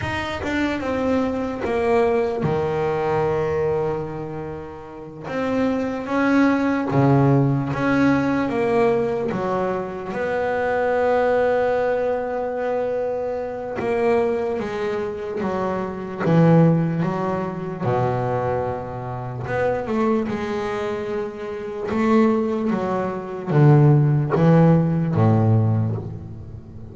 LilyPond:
\new Staff \with { instrumentName = "double bass" } { \time 4/4 \tempo 4 = 74 dis'8 d'8 c'4 ais4 dis4~ | dis2~ dis8 c'4 cis'8~ | cis'8 cis4 cis'4 ais4 fis8~ | fis8 b2.~ b8~ |
b4 ais4 gis4 fis4 | e4 fis4 b,2 | b8 a8 gis2 a4 | fis4 d4 e4 a,4 | }